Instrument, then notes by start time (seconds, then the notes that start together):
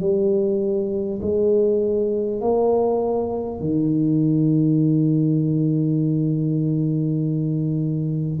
tuba
0.00 G3
1.21 G#3
2.40 A#3
3.60 D#3